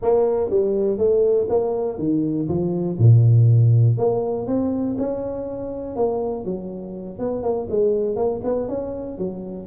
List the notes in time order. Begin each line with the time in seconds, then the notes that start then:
0.01 A#3
0.50 G3
0.98 A3
1.49 A#3
1.98 D#3
2.48 F3
2.98 A#2
3.97 A#3
4.46 C4
4.98 C#4
5.95 A#3
6.45 F#3
7.19 B3
7.42 A#3
7.69 G#3
8.15 A#3
8.44 B3
8.68 C#4
9.18 F#3